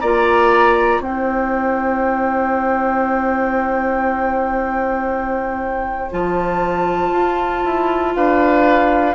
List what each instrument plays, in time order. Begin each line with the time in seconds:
0.00 bassoon A#3, clarinet F4, oboe D5, flute A#5
1.00 bassoon C4, clarinet E4, oboe C5, flute G5
6.11 bassoon F3, clarinet F4, flute A5
7.12 bassoon F4
7.64 bassoon E4
8.15 bassoon D4, oboe B4, flute F5